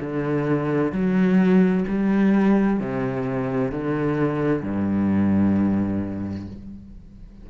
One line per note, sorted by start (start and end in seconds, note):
0.00 0.91 D3
0.91 1.84 F#3
1.88 2.80 G3
2.80 3.71 C3
3.71 4.62 D3
4.62 6.47 G2